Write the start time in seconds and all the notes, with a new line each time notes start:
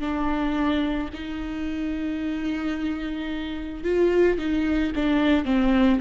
0.00 D4
1.14 D#4
3.84 F4
4.38 D#4
4.95 D4
5.45 C4